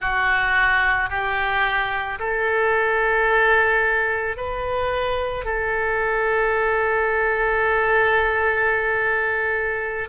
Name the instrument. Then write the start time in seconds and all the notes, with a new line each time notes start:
oboe
0.00 F#4
1.09 G4
2.19 A4
4.36 B4
5.44 A4